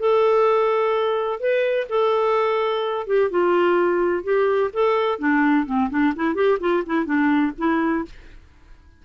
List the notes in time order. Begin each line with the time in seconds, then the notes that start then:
0.00 A4
1.40 B4
1.90 A4
3.07 G4
3.31 F4
4.24 G4
4.74 A4
5.19 D4
5.66 C4
5.90 D4
6.16 E4
6.35 G4
6.60 F4
6.86 E4
7.05 D4
7.58 E4